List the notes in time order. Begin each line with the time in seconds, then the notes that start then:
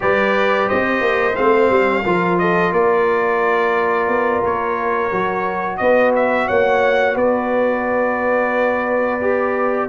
0.00 G3 G4 B4 D5
0.68 C4 C5 D#5
1.01 A#3
1.35 A3 C4 F5
1.70 G3
2.05 F3 F4 A#4
2.38 A4 D#5
2.71 A#3 A#4 D5
4.08 B3
4.42 A#3 C#5
5.10 F#3 F#4
5.77 B3 B4 D#5
6.15 E5
6.46 A#3 C#5 F#5
7.14 B3 B4 D5
9.21 G4